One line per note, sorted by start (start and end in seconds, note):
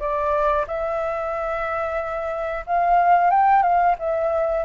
0.00 0.66 D5
0.67 2.65 E5
2.67 3.31 F5
3.31 3.63 G5
3.63 3.96 F5
3.99 4.65 E5